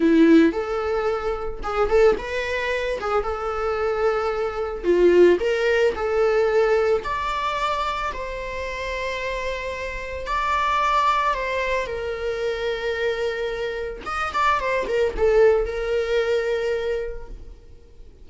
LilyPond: \new Staff \with { instrumentName = "viola" } { \time 4/4 \tempo 4 = 111 e'4 a'2 gis'8 a'8 | b'4. gis'8 a'2~ | a'4 f'4 ais'4 a'4~ | a'4 d''2 c''4~ |
c''2. d''4~ | d''4 c''4 ais'2~ | ais'2 dis''8 d''8 c''8 ais'8 | a'4 ais'2. | }